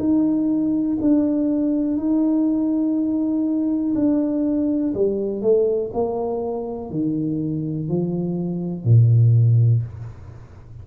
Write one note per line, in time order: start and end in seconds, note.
0.00 0.98 D#4
1.01 1.98 D4
1.98 3.94 D#4
3.95 4.94 D4
4.94 5.42 G3
5.42 5.92 A3
5.94 6.90 A#3
6.90 7.89 D#3
7.89 8.84 F3
8.84 9.83 A#2